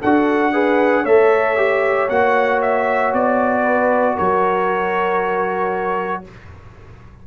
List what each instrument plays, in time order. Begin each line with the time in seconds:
0.00 tuba D4, trombone F#4, horn A4, trumpet F#5
0.53 trombone G#4, horn B4
1.03 tuba A3, trombone A4, horn C#5, trumpet E5
1.57 trombone G4
2.09 tuba A#3, trombone F#4, trumpet F#5
2.62 trumpet E5
3.13 tuba B3, trumpet D5
3.62 horn B4
4.15 tuba F#3, horn A#4, trumpet C#5